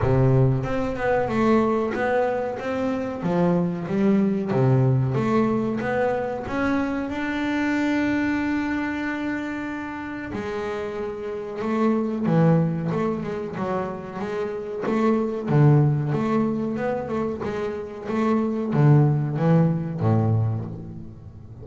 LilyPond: \new Staff \with { instrumentName = "double bass" } { \time 4/4 \tempo 4 = 93 c4 c'8 b8 a4 b4 | c'4 f4 g4 c4 | a4 b4 cis'4 d'4~ | d'1 |
gis2 a4 e4 | a8 gis8 fis4 gis4 a4 | d4 a4 b8 a8 gis4 | a4 d4 e4 a,4 | }